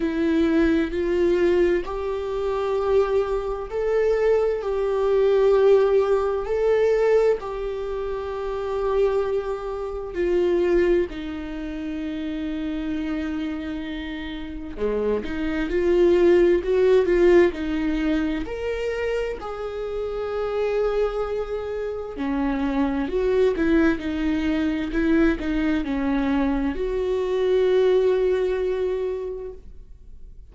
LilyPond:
\new Staff \with { instrumentName = "viola" } { \time 4/4 \tempo 4 = 65 e'4 f'4 g'2 | a'4 g'2 a'4 | g'2. f'4 | dis'1 |
gis8 dis'8 f'4 fis'8 f'8 dis'4 | ais'4 gis'2. | cis'4 fis'8 e'8 dis'4 e'8 dis'8 | cis'4 fis'2. | }